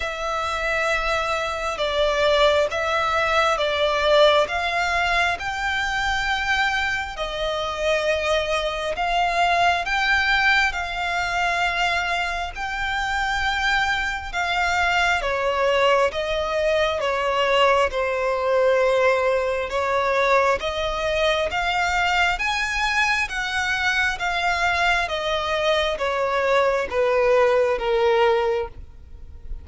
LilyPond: \new Staff \with { instrumentName = "violin" } { \time 4/4 \tempo 4 = 67 e''2 d''4 e''4 | d''4 f''4 g''2 | dis''2 f''4 g''4 | f''2 g''2 |
f''4 cis''4 dis''4 cis''4 | c''2 cis''4 dis''4 | f''4 gis''4 fis''4 f''4 | dis''4 cis''4 b'4 ais'4 | }